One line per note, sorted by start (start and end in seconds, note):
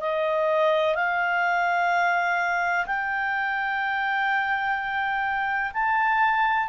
0.00 0.95 D#5
0.95 2.86 F5
2.86 5.72 G5
5.73 6.68 A5